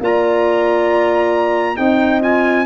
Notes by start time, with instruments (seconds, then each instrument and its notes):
0.00 tuba A#3, clarinet F4, horn D5, trumpet A#5
1.77 tuba C4, clarinet D#4, horn D#5, trumpet G5
2.21 clarinet F4, trumpet G#5